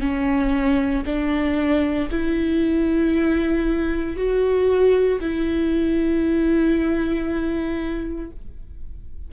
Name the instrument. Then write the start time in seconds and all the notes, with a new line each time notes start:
viola
0.00 C#4
1.05 D4
2.10 E4
4.16 F#4
5.20 E4